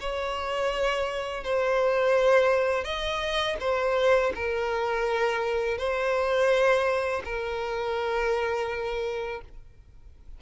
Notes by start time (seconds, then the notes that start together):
0.00 C#5
1.44 C5
2.84 D#5
3.60 C5
4.35 A#4
5.78 C5
7.25 A#4